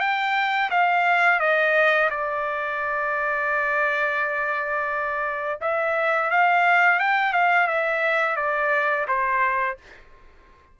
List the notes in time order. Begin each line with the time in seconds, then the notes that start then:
0.00 G5
0.70 F5
1.40 D#5
2.10 D5
5.61 E5
6.30 F5
6.99 G5
7.33 F5
7.67 E5
8.37 D5
9.08 C5